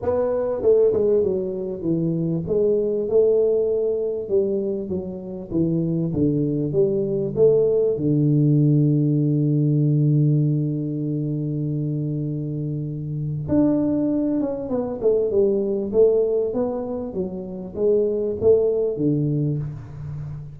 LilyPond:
\new Staff \with { instrumentName = "tuba" } { \time 4/4 \tempo 4 = 98 b4 a8 gis8 fis4 e4 | gis4 a2 g4 | fis4 e4 d4 g4 | a4 d2.~ |
d1~ | d2 d'4. cis'8 | b8 a8 g4 a4 b4 | fis4 gis4 a4 d4 | }